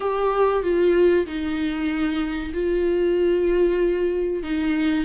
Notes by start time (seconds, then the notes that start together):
0.00 G4
0.63 F4
1.26 D#4
2.53 F4
4.43 D#4